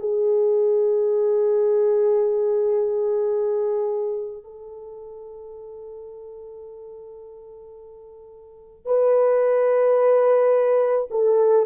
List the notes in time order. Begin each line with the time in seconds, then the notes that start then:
0.00 G#4
4.44 A4
8.86 B4
11.11 A4